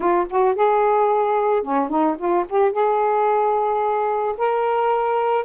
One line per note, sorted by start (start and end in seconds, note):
0.00 0.26 F4
0.30 0.55 F#4
0.55 1.62 G#4
1.62 1.89 C#4
1.89 2.16 D#4
2.18 2.45 F4
2.49 2.72 G4
2.72 4.35 G#4
4.37 5.44 A#4